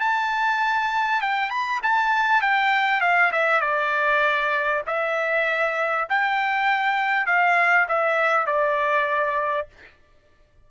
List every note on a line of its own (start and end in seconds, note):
0.00 1.21 A5
1.21 1.50 G5
1.50 1.80 B5
1.83 2.42 A5
2.42 3.01 G5
3.01 3.31 F5
3.32 3.61 E5
3.61 4.82 D5
4.87 6.08 E5
6.09 7.26 G5
7.26 7.87 F5
7.88 8.46 E5
8.46 9.67 D5